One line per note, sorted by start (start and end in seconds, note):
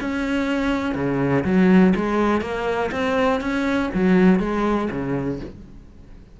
0.00 0.95 C#4
0.95 1.44 C#3
1.44 1.93 F#3
1.95 2.41 G#3
2.41 2.90 A#3
2.91 3.40 C4
3.40 3.90 C#4
3.94 4.39 F#3
4.39 4.88 G#3
4.90 5.40 C#3